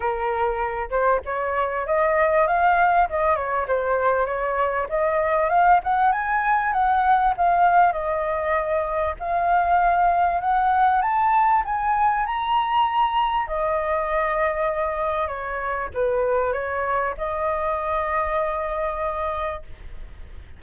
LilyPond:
\new Staff \with { instrumentName = "flute" } { \time 4/4 \tempo 4 = 98 ais'4. c''8 cis''4 dis''4 | f''4 dis''8 cis''8 c''4 cis''4 | dis''4 f''8 fis''8 gis''4 fis''4 | f''4 dis''2 f''4~ |
f''4 fis''4 a''4 gis''4 | ais''2 dis''2~ | dis''4 cis''4 b'4 cis''4 | dis''1 | }